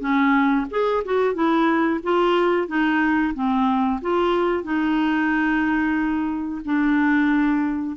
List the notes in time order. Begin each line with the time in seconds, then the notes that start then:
0.00 C#4
0.70 G#4
1.04 F#4
1.34 E4
2.03 F4
2.67 D#4
3.34 C4
4.01 F4
4.63 D#4
6.64 D4